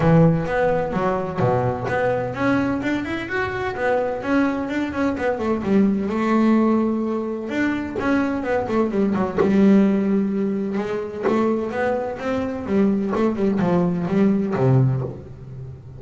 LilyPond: \new Staff \with { instrumentName = "double bass" } { \time 4/4 \tempo 4 = 128 e4 b4 fis4 b,4 | b4 cis'4 d'8 e'8 fis'4 | b4 cis'4 d'8 cis'8 b8 a8 | g4 a2. |
d'4 cis'4 b8 a8 g8 fis8 | g2. gis4 | a4 b4 c'4 g4 | a8 g8 f4 g4 c4 | }